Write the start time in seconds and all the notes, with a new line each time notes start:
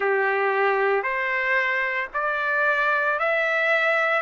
0.00 G4
1.03 C5
2.13 D5
3.19 E5